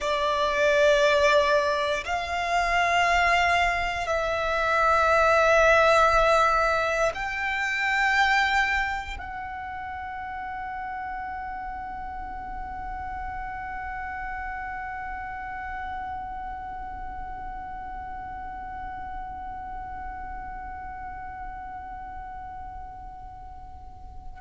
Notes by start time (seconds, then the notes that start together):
0.00 D5
2.05 F5
4.07 E5
7.14 G5
9.18 F#5